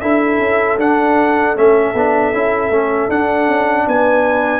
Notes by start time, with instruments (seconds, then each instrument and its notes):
0.00 tuba D4, trombone E4, horn A4, trumpet E5
0.38 tuba C#4
0.77 tuba D4, trombone D4, trumpet F#5
1.56 tuba A3, trombone C#4, trumpet E5
1.94 tuba B3, trombone D4
2.33 tuba C#4, trombone E4
2.69 tuba A3, trombone C#4
3.09 tuba D4, trombone D4, trumpet F#5
3.47 tuba C#4
3.87 tuba B3, horn B4, trumpet G#5